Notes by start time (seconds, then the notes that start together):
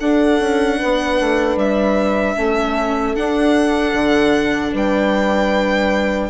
0.00 D4 A4 F#5
0.40 C#4
0.78 B3 B4
1.20 A3
1.56 G3 E5
2.36 A3 C#4 A4
3.15 D4 F#5
3.93 D3
4.72 G3 B4 G5